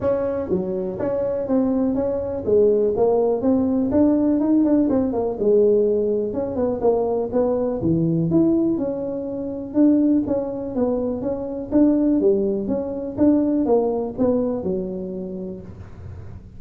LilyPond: \new Staff \with { instrumentName = "tuba" } { \time 4/4 \tempo 4 = 123 cis'4 fis4 cis'4 c'4 | cis'4 gis4 ais4 c'4 | d'4 dis'8 d'8 c'8 ais8 gis4~ | gis4 cis'8 b8 ais4 b4 |
e4 e'4 cis'2 | d'4 cis'4 b4 cis'4 | d'4 g4 cis'4 d'4 | ais4 b4 fis2 | }